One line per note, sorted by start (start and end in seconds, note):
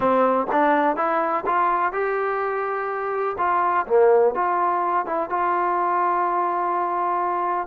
0.00 0.46 C4
0.51 0.96 D4
0.96 1.44 E4
1.46 1.92 F4
1.92 3.36 G4
3.38 3.86 F4
3.86 4.34 A#3
4.34 5.05 F4
5.05 5.29 E4
5.29 7.67 F4